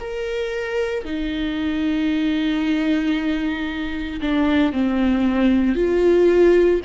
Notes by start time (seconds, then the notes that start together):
0.00 A#4
1.04 D#4
4.21 D4
4.73 C4
5.75 F4